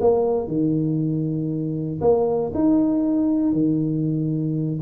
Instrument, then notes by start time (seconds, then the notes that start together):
tuba
0.00 A#3
0.47 D#3
2.01 A#3
2.54 D#4
3.52 D#3